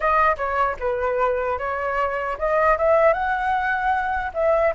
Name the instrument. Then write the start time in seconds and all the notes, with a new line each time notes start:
flute
0.00 D#5
0.37 C#5
0.79 B4
1.58 C#5
2.38 D#5
2.78 E5
3.13 F#5
4.34 E5